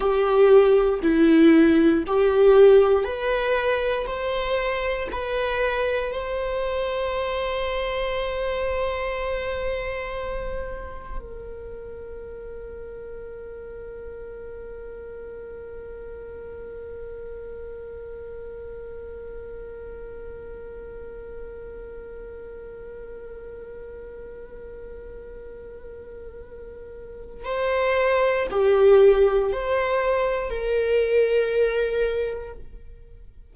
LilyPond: \new Staff \with { instrumentName = "viola" } { \time 4/4 \tempo 4 = 59 g'4 e'4 g'4 b'4 | c''4 b'4 c''2~ | c''2. ais'4~ | ais'1~ |
ais'1~ | ais'1~ | ais'2. c''4 | g'4 c''4 ais'2 | }